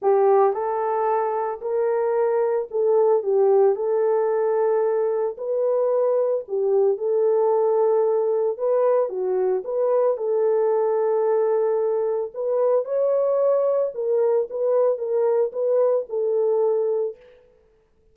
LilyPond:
\new Staff \with { instrumentName = "horn" } { \time 4/4 \tempo 4 = 112 g'4 a'2 ais'4~ | ais'4 a'4 g'4 a'4~ | a'2 b'2 | g'4 a'2. |
b'4 fis'4 b'4 a'4~ | a'2. b'4 | cis''2 ais'4 b'4 | ais'4 b'4 a'2 | }